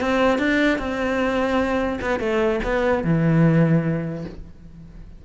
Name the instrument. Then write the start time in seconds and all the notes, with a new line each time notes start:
cello
0.00 C4
0.38 D4
0.78 C4
2.01 B3
2.19 A3
2.63 B3
3.04 E3